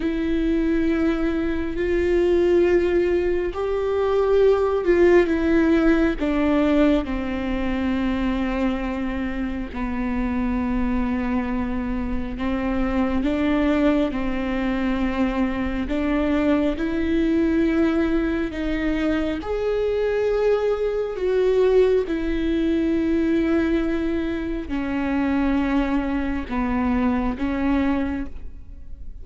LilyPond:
\new Staff \with { instrumentName = "viola" } { \time 4/4 \tempo 4 = 68 e'2 f'2 | g'4. f'8 e'4 d'4 | c'2. b4~ | b2 c'4 d'4 |
c'2 d'4 e'4~ | e'4 dis'4 gis'2 | fis'4 e'2. | cis'2 b4 cis'4 | }